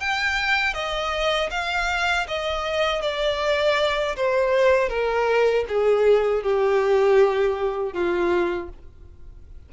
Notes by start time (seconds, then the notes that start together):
0.00 G5
0.74 D#5
1.51 F5
2.28 D#5
3.02 D5
4.16 C5
4.89 A#4
5.68 G#4
6.43 G4
7.93 F4